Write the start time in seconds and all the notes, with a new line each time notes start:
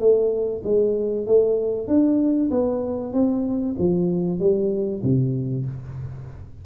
0.00 A3
0.64 G#3
1.27 A3
1.88 D4
2.51 B3
3.14 C4
3.79 F3
4.40 G3
5.03 C3